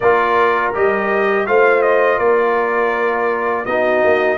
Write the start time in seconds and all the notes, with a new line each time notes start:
0.00 A#3 F4 A#4 D5
0.74 G3 G4 D#5
1.46 A3 F4 C5 F5
1.82 D#5
2.18 A#3 A#4 D5
3.65 B3 D#4 F#4 D#5
4.03 A#3